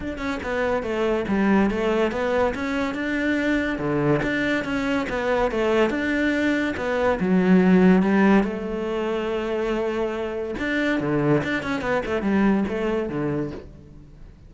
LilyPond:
\new Staff \with { instrumentName = "cello" } { \time 4/4 \tempo 4 = 142 d'8 cis'8 b4 a4 g4 | a4 b4 cis'4 d'4~ | d'4 d4 d'4 cis'4 | b4 a4 d'2 |
b4 fis2 g4 | a1~ | a4 d'4 d4 d'8 cis'8 | b8 a8 g4 a4 d4 | }